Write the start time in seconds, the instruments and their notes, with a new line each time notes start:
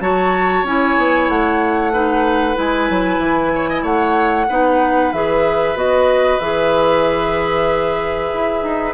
0.00 bassoon F#3, clarinet F#4, oboe C#5, flute A5
0.64 bassoon C#4, clarinet E4, flute G#5
0.98 bassoon B3
1.29 bassoon A3, flute F#5
1.93 clarinet D#4, oboe B4
2.55 bassoon G#3, clarinet E4, flute G#5
2.90 bassoon F#3
3.19 bassoon E3
3.55 oboe C#5
3.69 oboe D#5
3.82 bassoon A3, oboe C#5, flute F#5
4.49 bassoon B3, clarinet D#4, oboe B4
5.13 bassoon E3, clarinet G#4, flute E5
5.75 bassoon B3, clarinet F#4, flute D#5
6.39 bassoon E3, clarinet G#4, flute E5
8.34 bassoon E4
8.63 bassoon D#4